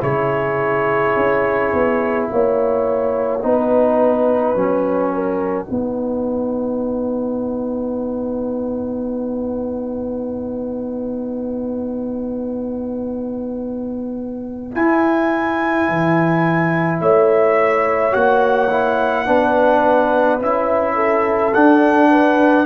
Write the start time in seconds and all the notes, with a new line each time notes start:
0.00 C#3 E4 G#4 C#5
1.16 C#4
1.73 B3
2.26 A#3 C#5 F#5
3.42 B3 D#4 B4
4.55 F#3 C#4
5.13 A#4
5.65 B3 D#4 B4
14.72 E4 G#5
15.88 E3
17.00 A3 C#5 E5
18.12 A#3 F#4 F#5
18.70 E4
19.26 B3 D4 B4
20.40 C#4 E4 E5
20.95 A4
21.54 D4 F#5
22.10 B4